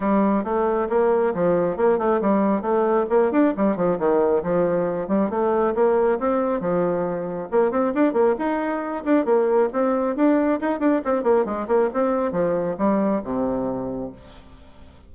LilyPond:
\new Staff \with { instrumentName = "bassoon" } { \time 4/4 \tempo 4 = 136 g4 a4 ais4 f4 | ais8 a8 g4 a4 ais8 d'8 | g8 f8 dis4 f4. g8 | a4 ais4 c'4 f4~ |
f4 ais8 c'8 d'8 ais8 dis'4~ | dis'8 d'8 ais4 c'4 d'4 | dis'8 d'8 c'8 ais8 gis8 ais8 c'4 | f4 g4 c2 | }